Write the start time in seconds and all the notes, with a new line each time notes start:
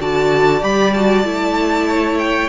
0.00 D3 F#4 D5 A5
0.60 G3 G4 B5
0.93 F#4 A5
1.24 A3 E4
1.88 C#5
2.18 G5